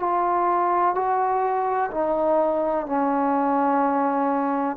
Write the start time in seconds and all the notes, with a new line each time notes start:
0.00 F4
0.95 F#4
1.91 D#4
2.86 C#4